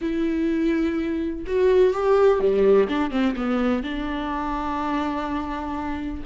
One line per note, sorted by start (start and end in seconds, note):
0.01 1.45 E4
1.46 1.93 F#4
1.93 2.40 G4
2.40 2.88 G3
2.88 3.10 D4
3.10 3.34 C4
3.36 3.83 B3
3.83 6.23 D4